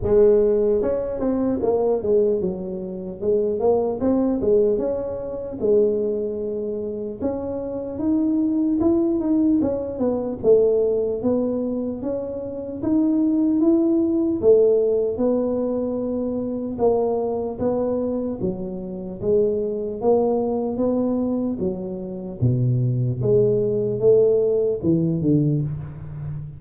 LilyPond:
\new Staff \with { instrumentName = "tuba" } { \time 4/4 \tempo 4 = 75 gis4 cis'8 c'8 ais8 gis8 fis4 | gis8 ais8 c'8 gis8 cis'4 gis4~ | gis4 cis'4 dis'4 e'8 dis'8 | cis'8 b8 a4 b4 cis'4 |
dis'4 e'4 a4 b4~ | b4 ais4 b4 fis4 | gis4 ais4 b4 fis4 | b,4 gis4 a4 e8 d8 | }